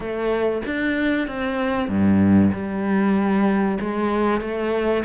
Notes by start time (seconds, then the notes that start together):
0.00 A3
0.65 D4
1.27 C4
1.88 G2
2.52 G3
3.80 G#3
4.40 A3